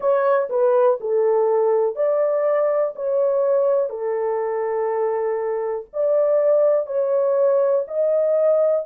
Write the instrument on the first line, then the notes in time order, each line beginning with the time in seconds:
horn
0.00 C#5
0.49 B4
1.00 A4
1.95 D5
2.95 C#5
3.89 A4
5.93 D5
6.86 C#5
7.87 D#5